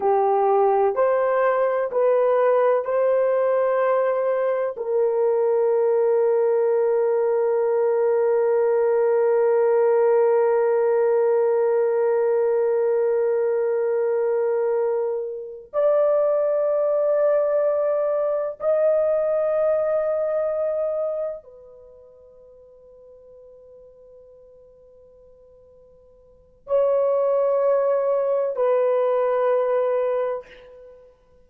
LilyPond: \new Staff \with { instrumentName = "horn" } { \time 4/4 \tempo 4 = 63 g'4 c''4 b'4 c''4~ | c''4 ais'2.~ | ais'1~ | ais'1~ |
ais'8 d''2. dis''8~ | dis''2~ dis''8 b'4.~ | b'1 | cis''2 b'2 | }